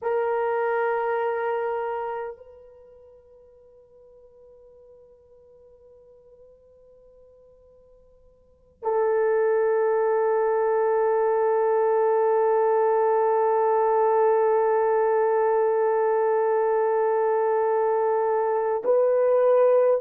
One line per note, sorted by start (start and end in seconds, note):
0.02 2.36 A#4
2.36 8.82 B4
8.82 18.82 A4
18.84 20.01 B4